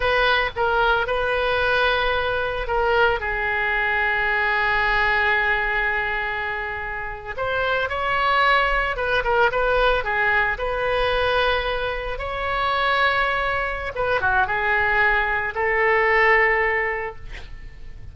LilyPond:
\new Staff \with { instrumentName = "oboe" } { \time 4/4 \tempo 4 = 112 b'4 ais'4 b'2~ | b'4 ais'4 gis'2~ | gis'1~ | gis'4.~ gis'16 c''4 cis''4~ cis''16~ |
cis''8. b'8 ais'8 b'4 gis'4 b'16~ | b'2~ b'8. cis''4~ cis''16~ | cis''2 b'8 fis'8 gis'4~ | gis'4 a'2. | }